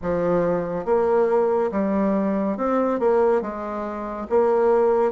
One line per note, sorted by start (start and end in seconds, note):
0.02 0.85 F3
0.85 1.71 A#3
1.71 2.57 G3
2.57 2.99 C4
2.99 3.41 A#3
3.41 4.27 G#3
4.29 5.11 A#3